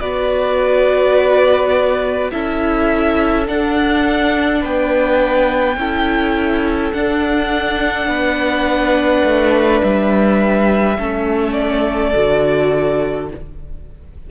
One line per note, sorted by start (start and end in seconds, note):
0.00 2.31 B3
0.00 2.32 F#4
0.00 2.32 B4
0.00 2.31 D5
2.31 3.49 C#4
2.31 3.46 E4
2.31 4.61 A4
2.31 3.47 E5
3.46 5.77 D4
3.46 4.64 D4
3.46 4.63 F#5
4.61 5.77 B3
4.61 5.76 B4
4.61 6.93 G5
5.77 6.92 C#4
5.77 6.94 E4
5.77 8.09 A4
6.93 8.07 D4
6.93 10.98 D4
6.93 9.81 F#5
8.07 9.23 B3
8.07 10.98 B4
9.24 9.82 A3
9.83 10.99 G3
9.83 11.53 E5
10.99 12.14 A3
10.99 12.14 C#4
10.99 13.30 A4
11.53 13.26 D5
12.15 13.31 D3
12.15 13.30 F#4